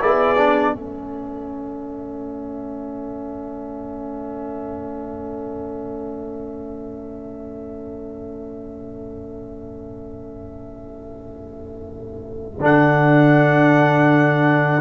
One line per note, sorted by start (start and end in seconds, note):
0.00 0.75 B3
0.00 0.37 E4
0.00 0.75 G#4
0.00 0.75 D5
0.37 0.74 D4
0.74 12.59 A3
0.74 12.59 C#4
0.74 14.81 A4
0.74 12.61 E5
12.59 14.81 D3
12.59 14.81 D4
12.59 14.81 F#5